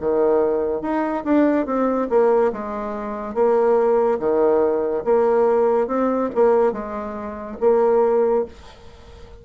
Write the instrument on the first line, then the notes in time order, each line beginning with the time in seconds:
bassoon
0.00 D#3
0.81 D#4
1.24 D4
1.66 C4
2.09 A#3
2.52 G#3
3.34 A#3
4.19 D#3
5.04 A#3
5.87 C4
6.35 A#3
6.72 G#3
7.60 A#3